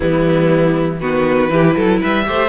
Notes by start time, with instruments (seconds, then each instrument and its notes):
0.00 cello E3, viola G3, violin B3 E4
1.00 cello D#3, viola B3, violin F#4 B4
1.49 cello E3, viola E4, violin G4
1.76 cello F#3, violin A4
2.00 cello G3, violin B4 E5
2.25 cello A3, viola G4, violin C5